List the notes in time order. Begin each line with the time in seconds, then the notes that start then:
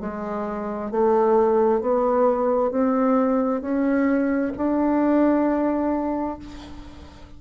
0.00 G#3
0.91 A3
1.81 B3
2.71 C4
3.61 C#4
4.57 D4